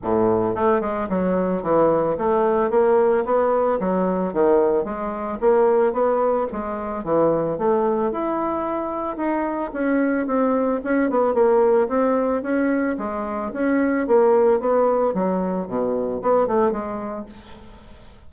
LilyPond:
\new Staff \with { instrumentName = "bassoon" } { \time 4/4 \tempo 4 = 111 a,4 a8 gis8 fis4 e4 | a4 ais4 b4 fis4 | dis4 gis4 ais4 b4 | gis4 e4 a4 e'4~ |
e'4 dis'4 cis'4 c'4 | cis'8 b8 ais4 c'4 cis'4 | gis4 cis'4 ais4 b4 | fis4 b,4 b8 a8 gis4 | }